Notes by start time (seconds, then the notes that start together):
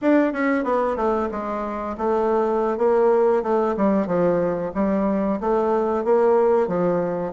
0.01 D4
0.32 C#4
0.64 B3
0.96 A3
1.31 G#3
1.97 A3
2.77 A#3
3.42 A3
3.76 G3
4.06 F3
4.74 G3
5.40 A3
6.04 A#3
6.67 F3